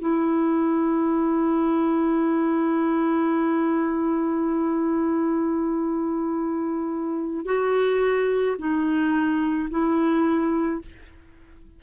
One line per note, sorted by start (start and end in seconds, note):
0.00 7.46 E4
7.46 8.57 F#4
8.59 9.70 D#4
9.71 10.82 E4